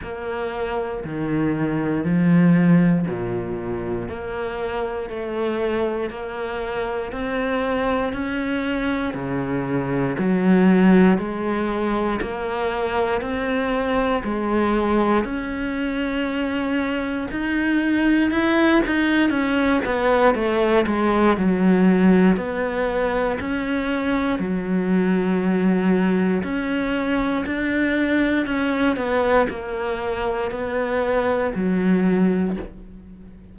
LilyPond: \new Staff \with { instrumentName = "cello" } { \time 4/4 \tempo 4 = 59 ais4 dis4 f4 ais,4 | ais4 a4 ais4 c'4 | cis'4 cis4 fis4 gis4 | ais4 c'4 gis4 cis'4~ |
cis'4 dis'4 e'8 dis'8 cis'8 b8 | a8 gis8 fis4 b4 cis'4 | fis2 cis'4 d'4 | cis'8 b8 ais4 b4 fis4 | }